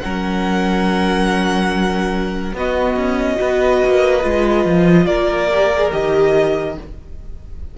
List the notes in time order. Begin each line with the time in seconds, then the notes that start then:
0.00 F#3 C#4 A#4 F#5
2.53 B3 F#4 D#5
2.96 C#4
3.36 B3 F#4 B4
3.85 A#3
4.21 G#3 F4
4.65 F3
5.06 A#3 A#4 D5
5.51 G4
5.75 G#4
5.91 D#3 G4 D#5